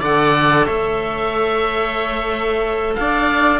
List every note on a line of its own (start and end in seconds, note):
0.00 0.67 D3
0.00 3.59 A4
0.00 0.65 D5
0.00 0.66 F#5
0.66 2.96 A3
0.66 2.94 C#5
0.66 2.94 E5
2.95 3.59 D4
2.95 3.59 D5
2.95 3.59 F5